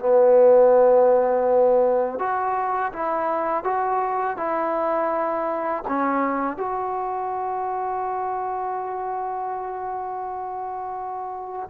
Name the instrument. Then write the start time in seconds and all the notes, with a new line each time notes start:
trombone
0.00 B3
2.19 F#4
2.93 E4
3.64 F#4
4.37 E4
5.88 C#4
6.57 F#4